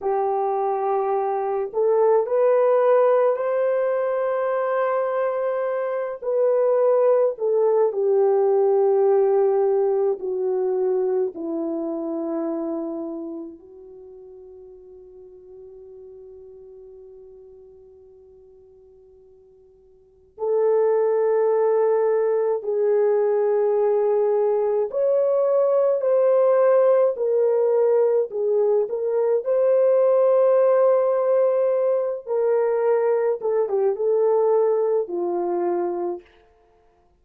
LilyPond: \new Staff \with { instrumentName = "horn" } { \time 4/4 \tempo 4 = 53 g'4. a'8 b'4 c''4~ | c''4. b'4 a'8 g'4~ | g'4 fis'4 e'2 | fis'1~ |
fis'2 a'2 | gis'2 cis''4 c''4 | ais'4 gis'8 ais'8 c''2~ | c''8 ais'4 a'16 g'16 a'4 f'4 | }